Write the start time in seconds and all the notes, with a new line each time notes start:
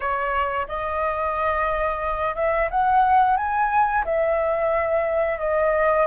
0.00 C#5
0.67 D#5
2.35 E5
2.70 F#5
3.36 G#5
4.04 E5
5.38 D#5